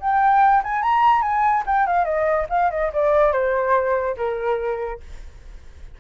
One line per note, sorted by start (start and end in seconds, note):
0.00 0.62 G5
0.63 0.82 G#5
0.82 1.22 A#5
1.22 1.63 G#5
1.66 1.87 G5
1.87 2.05 F5
2.05 2.46 D#5
2.50 2.70 F5
2.71 2.91 D#5
2.93 3.32 D5
3.32 4.16 C5
4.17 5.00 A#4